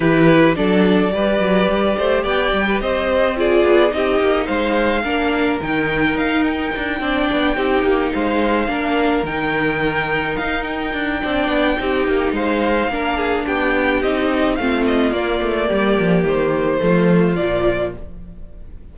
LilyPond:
<<
  \new Staff \with { instrumentName = "violin" } { \time 4/4 \tempo 4 = 107 b'4 d''2. | g''4 dis''4 d''4 dis''4 | f''2 g''4 f''8 g''8~ | g''2~ g''8 f''4.~ |
f''8 g''2 f''8 g''4~ | g''2 f''2 | g''4 dis''4 f''8 dis''8 d''4~ | d''4 c''2 d''4 | }
  \new Staff \with { instrumentName = "violin" } { \time 4/4 g'4 a'4 b'4. c''8 | d''8. b'16 c''4 gis'4 g'4 | c''4 ais'2.~ | ais'8 d''4 g'4 c''4 ais'8~ |
ais'1 | d''4 g'4 c''4 ais'8 gis'8 | g'2 f'2 | g'2 f'2 | }
  \new Staff \with { instrumentName = "viola" } { \time 4/4 e'4 d'4 g'2~ | g'2 f'4 dis'4~ | dis'4 d'4 dis'2~ | dis'8 d'4 dis'2 d'8~ |
d'8 dis'2.~ dis'8 | d'4 dis'2 d'4~ | d'4 dis'4 c'4 ais4~ | ais2 a4 f4 | }
  \new Staff \with { instrumentName = "cello" } { \time 4/4 e4 fis4 g8 fis8 g8 a8 | b8 g8 c'4. b8 c'8 ais8 | gis4 ais4 dis4 dis'4 | d'8 c'8 b8 c'8 ais8 gis4 ais8~ |
ais8 dis2 dis'4 d'8 | c'8 b8 c'8 ais8 gis4 ais4 | b4 c'4 a4 ais8 a8 | g8 f8 dis4 f4 ais,4 | }
>>